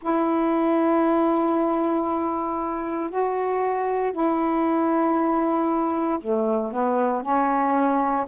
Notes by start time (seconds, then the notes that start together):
0.01 E4
3.10 F#4
4.12 E4
6.20 A3
6.72 B3
7.22 C#4